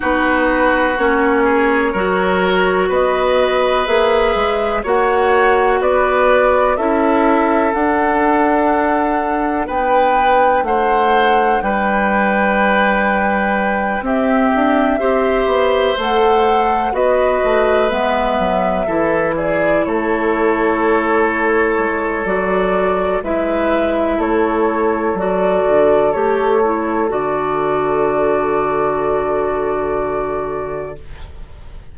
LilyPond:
<<
  \new Staff \with { instrumentName = "flute" } { \time 4/4 \tempo 4 = 62 b'4 cis''2 dis''4 | e''4 fis''4 d''4 e''4 | fis''2 g''4 fis''4 | g''2~ g''8 e''4.~ |
e''8 fis''4 dis''4 e''4. | d''8 cis''2~ cis''8 d''4 | e''4 cis''4 d''4 cis''4 | d''1 | }
  \new Staff \with { instrumentName = "oboe" } { \time 4/4 fis'4. gis'8 ais'4 b'4~ | b'4 cis''4 b'4 a'4~ | a'2 b'4 c''4 | b'2~ b'8 g'4 c''8~ |
c''4. b'2 a'8 | gis'8 a'2.~ a'8 | b'4 a'2.~ | a'1 | }
  \new Staff \with { instrumentName = "clarinet" } { \time 4/4 dis'4 cis'4 fis'2 | gis'4 fis'2 e'4 | d'1~ | d'2~ d'8 c'4 g'8~ |
g'8 a'4 fis'4 b4 e'8~ | e'2. fis'4 | e'2 fis'4 g'8 e'8 | fis'1 | }
  \new Staff \with { instrumentName = "bassoon" } { \time 4/4 b4 ais4 fis4 b4 | ais8 gis8 ais4 b4 cis'4 | d'2 b4 a4 | g2~ g8 c'8 d'8 c'8 |
b8 a4 b8 a8 gis8 fis8 e8~ | e8 a2 gis8 fis4 | gis4 a4 fis8 d8 a4 | d1 | }
>>